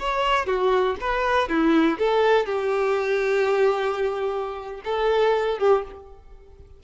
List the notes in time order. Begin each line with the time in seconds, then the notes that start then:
0.00 C#5
0.47 F#4
1.01 B4
1.49 E4
1.99 A4
2.46 G4
4.85 A4
5.59 G4